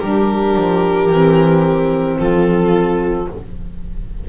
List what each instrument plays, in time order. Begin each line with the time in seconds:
0.00 double bass G3, saxophone D4, viola G4, violin A#4
0.56 double bass F3
1.09 double bass E3, saxophone C4
2.19 double bass F3, viola F4, violin A4